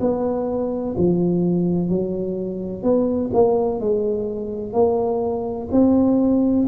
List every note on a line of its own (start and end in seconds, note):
0.00 0.95 B3
0.97 1.89 F3
1.89 2.83 F#3
2.83 3.31 B3
3.33 3.80 A#3
3.80 4.73 G#3
4.73 5.68 A#3
5.71 6.67 C4